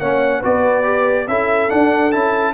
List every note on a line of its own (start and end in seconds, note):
0.00 0.42 A#3
0.00 0.43 C#4
0.00 0.39 C#5
0.00 0.43 F#5
0.39 1.28 B3
0.39 0.83 F#4
0.39 1.24 B4
0.39 1.28 D5
0.83 1.26 G4
1.28 1.70 C#4
1.28 1.69 E4
1.28 2.54 A4
1.28 1.70 E5
1.69 2.11 D4
1.69 2.14 D4
1.69 2.12 F#5
2.12 2.54 C#4
2.12 2.54 E4
2.12 2.54 A5